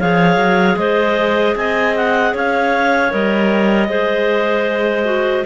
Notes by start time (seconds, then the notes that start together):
0.00 F3 G#4 C#5 F5
0.37 F#3
0.77 G#3 C5 D#5
1.56 C4 D#5 G#5
1.96 F#5
2.34 C#4 C#5 F5
3.11 G3 A#4 D#5
3.89 G#3 G#4 C5
5.05 F#4